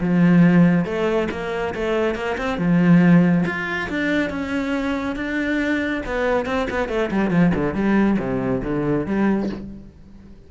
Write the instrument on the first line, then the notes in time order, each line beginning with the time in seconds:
cello
0.00 F3
0.85 A3
1.31 A#3
1.74 A3
2.15 A#3
2.38 C4
2.58 F3
3.46 F4
3.89 D4
4.30 C#4
5.16 D4
6.05 B3
6.46 C4
6.70 B3
6.88 A3
7.11 G3
7.30 F3
7.54 D3
7.74 G3
8.19 C3
8.63 D3
9.06 G3